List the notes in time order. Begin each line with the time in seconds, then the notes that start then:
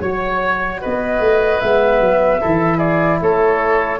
0.00 F#3 F#4 C#5
0.81 B3 B4 D#5
1.20 A3
1.60 G#3 B3 E5
2.00 F#3
2.40 E3 E4 A4
2.77 G#4 D5
3.21 A3 A4 C#5